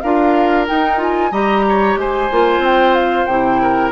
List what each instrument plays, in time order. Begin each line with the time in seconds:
0.00 bassoon D4, clarinet F4, oboe A#4, flute F5
0.67 clarinet D#4, bassoon D#4, flute G5
0.97 clarinet F4, flute G#5
1.31 bassoon G3, clarinet G4, oboe D#5, flute A#5
1.68 oboe C#5
1.96 bassoon G#3, oboe C5, flute G#5
2.31 bassoon A#3, clarinet F4
2.58 bassoon C4
2.65 flute G5
2.94 flute F5
3.25 bassoon C3, clarinet E4, flute G5
3.62 oboe A#4